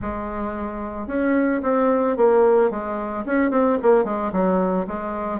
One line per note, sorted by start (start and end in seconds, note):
0.01 1.07 G#3
1.07 1.61 C#4
1.62 2.16 C4
2.16 2.70 A#3
2.70 3.24 G#3
3.25 3.51 C#4
3.51 3.78 C4
3.82 4.04 A#3
4.04 4.31 G#3
4.32 4.86 F#3
4.87 5.40 G#3